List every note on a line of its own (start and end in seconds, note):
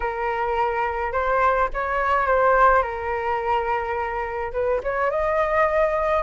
0.00 1.12 A#4
1.12 1.69 C5
1.73 2.26 C#5
2.26 2.82 C5
2.82 4.52 A#4
4.52 4.80 B4
4.83 5.10 C#5
5.10 6.23 D#5